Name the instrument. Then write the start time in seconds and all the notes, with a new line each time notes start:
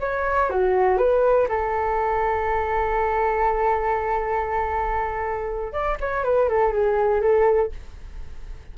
flute
0.00 C#5
0.50 F#4
0.97 B4
1.48 A4
5.72 D5
6.00 C#5
6.24 B4
6.49 A4
6.72 G#4
7.22 A4